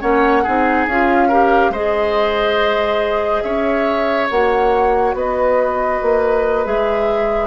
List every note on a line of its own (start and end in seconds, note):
0.00 0.45 A#3
0.00 0.43 C#4
0.00 0.43 C#5
0.00 0.86 F#5
0.43 0.86 C4
0.43 0.88 D#4
0.43 1.28 G#4
0.86 1.69 C#4
0.86 1.30 F4
0.86 1.72 F5
1.28 1.73 G4
1.28 1.71 A#4
1.69 3.41 G#3
1.69 4.29 G#4
1.69 3.43 C5
1.69 3.42 D#5
3.42 4.29 C#4
3.42 5.15 C#5
3.42 4.27 E5
4.29 5.14 A#3
4.29 6.65 F#4
4.29 5.15 F#5
5.14 5.99 B3
5.14 7.47 B4
5.14 6.65 D#5
6.02 6.66 A#3
6.65 7.47 G#3
6.65 7.47 G#4
6.65 7.47 E5